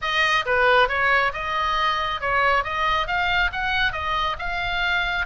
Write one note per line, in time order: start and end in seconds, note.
0.01 0.45 D#5
0.45 0.88 B4
0.88 1.32 C#5
1.33 2.20 D#5
2.20 2.64 C#5
2.64 3.07 D#5
3.07 3.50 F5
3.52 3.92 F#5
3.92 4.36 D#5
4.38 5.26 F5